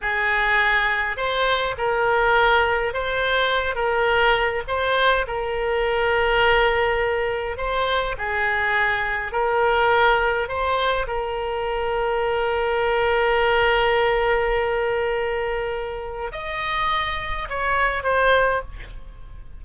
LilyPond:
\new Staff \with { instrumentName = "oboe" } { \time 4/4 \tempo 4 = 103 gis'2 c''4 ais'4~ | ais'4 c''4. ais'4. | c''4 ais'2.~ | ais'4 c''4 gis'2 |
ais'2 c''4 ais'4~ | ais'1~ | ais'1 | dis''2 cis''4 c''4 | }